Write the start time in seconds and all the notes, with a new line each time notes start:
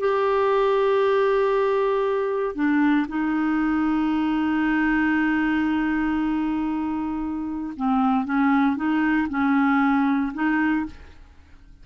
0.00 G4
2.56 D4
3.09 D#4
7.77 C4
8.26 C#4
8.76 D#4
9.30 C#4
10.34 D#4